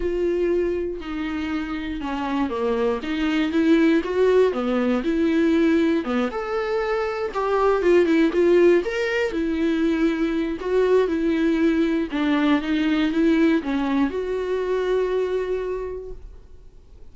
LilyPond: \new Staff \with { instrumentName = "viola" } { \time 4/4 \tempo 4 = 119 f'2 dis'2 | cis'4 ais4 dis'4 e'4 | fis'4 b4 e'2 | b8 a'2 g'4 f'8 |
e'8 f'4 ais'4 e'4.~ | e'4 fis'4 e'2 | d'4 dis'4 e'4 cis'4 | fis'1 | }